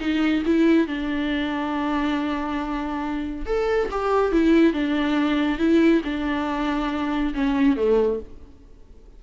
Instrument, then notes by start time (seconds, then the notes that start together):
viola
0.00 D#4
0.46 E4
0.87 D4
3.46 A4
3.91 G4
4.32 E4
4.73 D4
5.59 E4
6.04 D4
7.34 C#4
7.76 A3